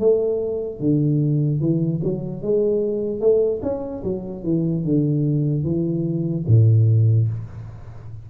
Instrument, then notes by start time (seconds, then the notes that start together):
tuba
0.00 A3
0.80 D3
1.61 E3
2.04 F#3
2.43 G#3
3.21 A3
3.63 C#4
4.04 F#3
4.44 E3
4.85 D3
5.65 E3
6.48 A2